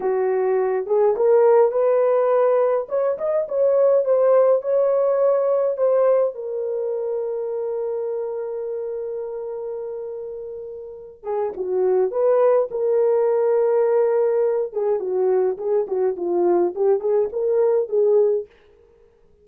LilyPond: \new Staff \with { instrumentName = "horn" } { \time 4/4 \tempo 4 = 104 fis'4. gis'8 ais'4 b'4~ | b'4 cis''8 dis''8 cis''4 c''4 | cis''2 c''4 ais'4~ | ais'1~ |
ais'2.~ ais'8 gis'8 | fis'4 b'4 ais'2~ | ais'4. gis'8 fis'4 gis'8 fis'8 | f'4 g'8 gis'8 ais'4 gis'4 | }